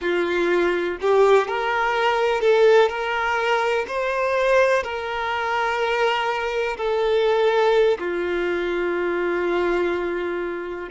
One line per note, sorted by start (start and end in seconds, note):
0.01 0.98 F4
1.01 1.47 G4
1.47 2.41 A#4
2.41 2.88 A4
2.88 3.85 A#4
3.87 4.83 C5
4.83 6.76 A#4
6.77 7.98 A4
7.98 10.89 F4